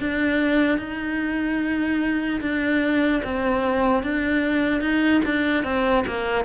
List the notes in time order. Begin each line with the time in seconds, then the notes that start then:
0.00 D4
0.79 D#4
2.41 D4
3.24 C4
4.04 D4
4.81 D#4
5.26 D4
5.64 C4
6.07 A#3